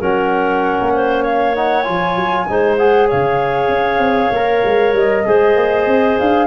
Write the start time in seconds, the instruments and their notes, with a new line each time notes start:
0.00 tuba F#3, trombone C#4, clarinet A#4, flute F#5
0.80 tuba A#3
0.94 clarinet C5
1.23 clarinet C#5, flute F5
1.56 trombone D#4, flute F#5
1.83 tuba F3, trombone F4, flute G#5
2.16 tuba F#3
2.49 tuba G#3, trombone D#4, clarinet C5
2.78 trombone G#4, flute F#5
3.08 tuba C#3, clarinet C#5, flute F5
3.69 tuba C#4
3.99 tuba C4
4.31 tuba A#3, trombone A#4
4.65 tuba G#3
4.93 tuba G3, flute D#5
5.26 tuba G#3, trombone G#4, clarinet C5
5.56 tuba A#3
5.87 tuba C4
6.19 tuba D4, flute F5